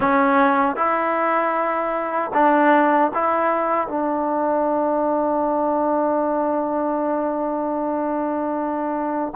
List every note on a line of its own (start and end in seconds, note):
0.00 0.75 C#4
0.75 2.31 E4
2.33 3.11 D4
3.14 3.87 E4
3.87 9.33 D4